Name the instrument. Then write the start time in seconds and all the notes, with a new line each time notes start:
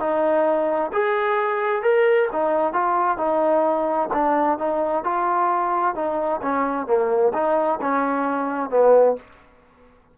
trombone
0.00 D#4
0.93 G#4
1.83 A#4
2.33 D#4
2.74 F4
3.18 D#4
4.14 D4
4.59 D#4
5.04 F4
5.95 D#4
6.42 C#4
6.87 A#3
7.34 D#4
7.82 C#4
8.70 B3